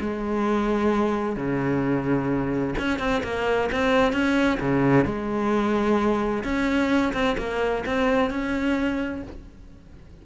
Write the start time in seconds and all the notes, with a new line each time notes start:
0.00 G#3
1.36 C#3
2.78 C#4
2.99 C4
3.23 A#3
3.72 C4
4.12 C#4
4.60 C#3
5.05 G#3
6.43 C#4
7.13 C4
7.38 A#3
7.85 C4
8.30 C#4